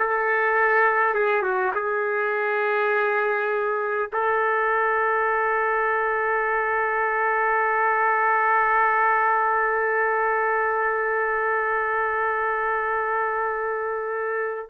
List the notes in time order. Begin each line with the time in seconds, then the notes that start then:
0.00 A4
1.15 G#4
1.43 F#4
1.75 G#4
4.13 A4